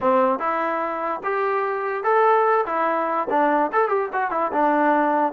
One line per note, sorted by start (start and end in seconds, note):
0.00 0.39 C4
0.39 1.21 E4
1.23 2.03 G4
2.03 2.65 A4
2.65 3.27 E4
3.30 3.71 D4
3.72 3.88 A4
3.88 4.09 G4
4.12 4.31 F#4
4.31 4.51 E4
4.52 5.32 D4